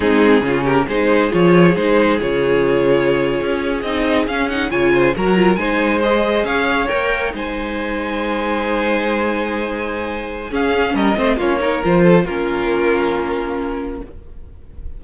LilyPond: <<
  \new Staff \with { instrumentName = "violin" } { \time 4/4 \tempo 4 = 137 gis'4. ais'8 c''4 cis''4 | c''4 cis''2.~ | cis''8. dis''4 f''8 fis''8 gis''4 ais''16~ | ais''8. gis''4 dis''4 f''4 g''16~ |
g''8. gis''2.~ gis''16~ | gis''1 | f''4 dis''4 cis''4 c''4 | ais'1 | }
  \new Staff \with { instrumentName = "violin" } { \time 4/4 dis'4 f'8 g'8 gis'2~ | gis'1~ | gis'2~ gis'8. cis''8 c''8 ais'16~ | ais'8. c''2 cis''4~ cis''16~ |
cis''8. c''2.~ c''16~ | c''1 | gis'4 ais'8 c''8 f'8 ais'4 a'8 | f'1 | }
  \new Staff \with { instrumentName = "viola" } { \time 4/4 c'4 cis'4 dis'4 f'4 | dis'4 f'2.~ | f'8. dis'4 cis'8 dis'8 f'4 fis'16~ | fis'16 f'8 dis'4 gis'2 ais'16~ |
ais'8. dis'2.~ dis'16~ | dis'1 | cis'4. c'8 cis'8 dis'8 f'4 | cis'1 | }
  \new Staff \with { instrumentName = "cello" } { \time 4/4 gis4 cis4 gis4 f4 | gis4 cis2~ cis8. cis'16~ | cis'8. c'4 cis'4 cis4 fis16~ | fis8. gis2 cis'4 ais16~ |
ais8. gis2.~ gis16~ | gis1 | cis'4 g8 a8 ais4 f4 | ais1 | }
>>